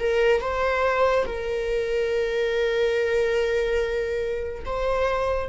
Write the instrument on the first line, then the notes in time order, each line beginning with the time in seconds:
viola
0.00 A#4
0.41 C5
1.26 A#4
4.66 C5